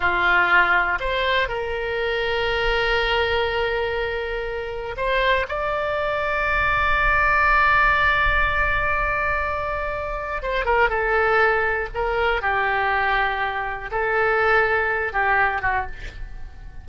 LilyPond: \new Staff \with { instrumentName = "oboe" } { \time 4/4 \tempo 4 = 121 f'2 c''4 ais'4~ | ais'1~ | ais'2 c''4 d''4~ | d''1~ |
d''1~ | d''4 c''8 ais'8 a'2 | ais'4 g'2. | a'2~ a'8 g'4 fis'8 | }